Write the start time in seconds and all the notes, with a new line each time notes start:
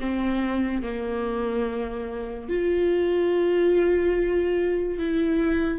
0.00 C4
0.83 A#3
2.49 F4
4.99 E4